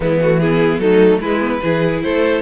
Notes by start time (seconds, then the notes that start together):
0.00 E3 G#3 B3 E4
0.21 A3 F#4
0.39 B3 E4 G#4
0.78 F#3 A3 D#4 A4
1.19 G#3 E4 B4
1.39 B3
1.63 E3 E4 G#4
2.02 A3 A4 C5